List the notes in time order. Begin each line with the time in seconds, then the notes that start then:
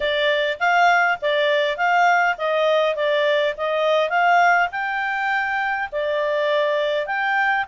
0.00 D5
0.59 F5
1.21 D5
1.77 F5
2.37 D#5
2.95 D5
3.57 D#5
4.09 F5
4.71 G5
5.91 D5
7.06 G5